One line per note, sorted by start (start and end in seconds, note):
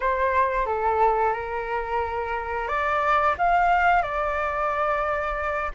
0.00 0.66 C5
0.66 1.33 A4
1.33 2.68 A#4
2.68 3.35 D5
3.37 4.02 F5
4.02 5.71 D5